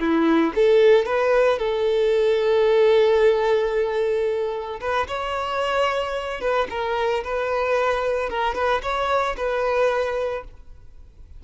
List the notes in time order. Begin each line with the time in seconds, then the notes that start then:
0.00 E4
0.55 A4
1.06 B4
1.59 A4
4.81 B4
5.08 C#5
6.41 B4
6.70 A#4
7.24 B4
8.30 A#4
8.55 B4
8.83 C#5
9.37 B4